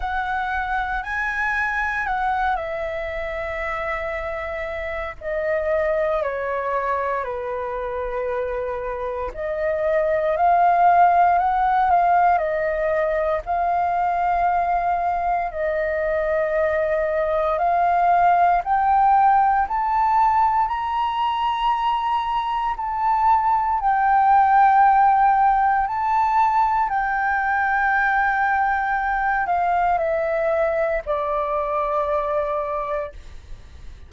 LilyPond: \new Staff \with { instrumentName = "flute" } { \time 4/4 \tempo 4 = 58 fis''4 gis''4 fis''8 e''4.~ | e''4 dis''4 cis''4 b'4~ | b'4 dis''4 f''4 fis''8 f''8 | dis''4 f''2 dis''4~ |
dis''4 f''4 g''4 a''4 | ais''2 a''4 g''4~ | g''4 a''4 g''2~ | g''8 f''8 e''4 d''2 | }